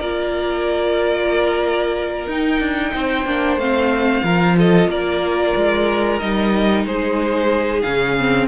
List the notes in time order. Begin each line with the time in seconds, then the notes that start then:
0.00 A#3 F4 A#4 D5
2.27 D#4 G5
2.60 D4
2.94 C4 C5
3.26 A#3 D4
3.57 A3 C4 F5
4.24 F3 F4 A#4
4.58 A4 D#5
4.88 A#3 A#4 D5
5.56 G#3
6.20 G3 D#4 D#5
6.85 G#3 G#4 C5
7.82 C#3 C#4 F5
8.19 C4